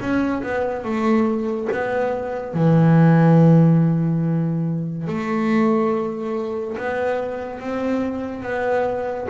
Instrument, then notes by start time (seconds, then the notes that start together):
double bass
0.00 C#4
0.43 B3
0.84 A3
1.72 B3
2.54 E3
5.07 A3
6.77 B3
7.60 C4
8.43 B3